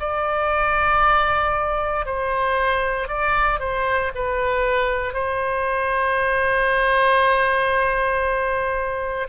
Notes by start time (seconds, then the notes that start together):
0.00 D5
2.05 C5
3.08 D5
3.60 C5
4.15 B4
5.14 C5